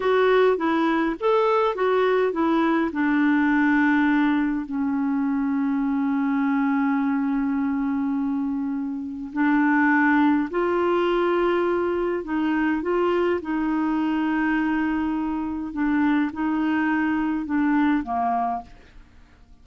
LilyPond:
\new Staff \with { instrumentName = "clarinet" } { \time 4/4 \tempo 4 = 103 fis'4 e'4 a'4 fis'4 | e'4 d'2. | cis'1~ | cis'1 |
d'2 f'2~ | f'4 dis'4 f'4 dis'4~ | dis'2. d'4 | dis'2 d'4 ais4 | }